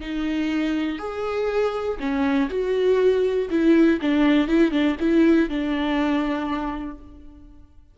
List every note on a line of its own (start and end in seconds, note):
0.00 0.98 D#4
0.98 1.97 G#4
1.99 2.49 C#4
2.50 3.49 F#4
3.50 3.99 E4
4.01 4.47 D4
4.47 4.71 E4
4.71 4.96 D4
5.00 5.49 E4
5.49 6.98 D4